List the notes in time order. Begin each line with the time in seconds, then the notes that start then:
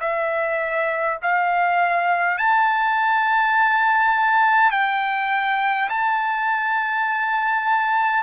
0.00 E5
1.22 F5
2.37 A5
4.71 G5
5.89 A5